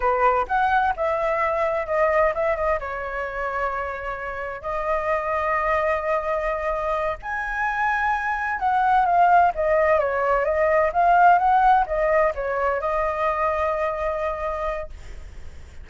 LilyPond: \new Staff \with { instrumentName = "flute" } { \time 4/4 \tempo 4 = 129 b'4 fis''4 e''2 | dis''4 e''8 dis''8 cis''2~ | cis''2 dis''2~ | dis''2.~ dis''8 gis''8~ |
gis''2~ gis''8 fis''4 f''8~ | f''8 dis''4 cis''4 dis''4 f''8~ | f''8 fis''4 dis''4 cis''4 dis''8~ | dis''1 | }